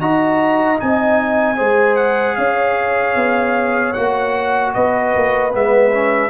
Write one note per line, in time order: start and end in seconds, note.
0.00 0.79 D#4
0.00 0.77 F#4
0.00 1.56 D#5
0.00 0.79 A#5
0.77 1.60 C4
0.77 1.56 D#4
0.77 1.96 G#5
1.56 2.37 G#3
1.56 3.94 G#4
1.56 2.35 C5
1.96 2.35 F#5
2.35 3.15 C#4
2.35 4.74 C#5
2.35 3.93 F5
3.15 3.94 B3
3.93 4.75 A#3
3.93 5.51 F#4
3.93 4.72 F#5
4.74 5.15 B3
4.74 6.30 B4
4.74 5.52 D#5
5.16 5.54 A#3
5.51 6.30 G#3
5.51 5.91 B3
5.51 6.30 E5
5.91 6.30 C#4